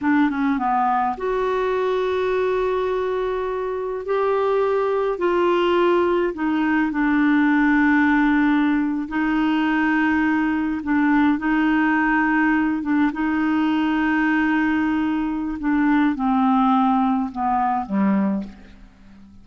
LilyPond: \new Staff \with { instrumentName = "clarinet" } { \time 4/4 \tempo 4 = 104 d'8 cis'8 b4 fis'2~ | fis'2. g'4~ | g'4 f'2 dis'4 | d'2.~ d'8. dis'16~ |
dis'2~ dis'8. d'4 dis'16~ | dis'2~ dis'16 d'8 dis'4~ dis'16~ | dis'2. d'4 | c'2 b4 g4 | }